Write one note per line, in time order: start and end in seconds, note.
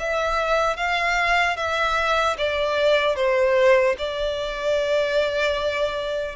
0.00 0.77 E5
0.77 1.57 F5
1.57 2.37 E5
2.38 3.16 D5
3.16 3.96 C5
3.99 6.36 D5